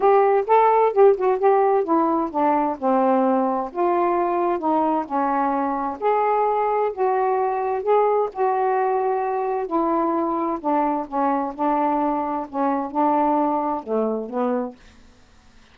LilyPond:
\new Staff \with { instrumentName = "saxophone" } { \time 4/4 \tempo 4 = 130 g'4 a'4 g'8 fis'8 g'4 | e'4 d'4 c'2 | f'2 dis'4 cis'4~ | cis'4 gis'2 fis'4~ |
fis'4 gis'4 fis'2~ | fis'4 e'2 d'4 | cis'4 d'2 cis'4 | d'2 a4 b4 | }